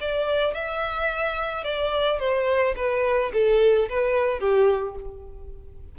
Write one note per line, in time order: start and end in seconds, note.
0.00 0.54 D5
0.54 1.63 E5
1.63 2.19 D5
2.19 2.74 C5
2.76 3.31 B4
3.33 3.88 A4
3.89 4.39 B4
4.39 4.95 G4